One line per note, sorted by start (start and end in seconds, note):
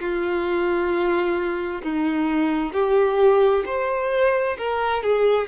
0.00 1.82 F4
1.83 2.73 D#4
2.73 3.64 G4
3.66 4.57 C5
4.57 5.03 A#4
5.03 5.48 G#4